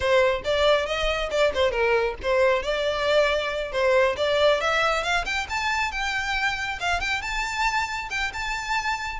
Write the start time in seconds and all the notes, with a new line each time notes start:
0.00 C5
0.44 D5
0.85 D#5
1.30 D5
1.54 C5
1.71 A#4
2.22 C5
2.63 D5
3.72 C5
4.16 D5
4.60 E5
5.03 F5
5.25 G5
5.49 A5
5.91 G5
6.80 F5
7.00 G5
7.21 A5
8.10 G5
8.33 A5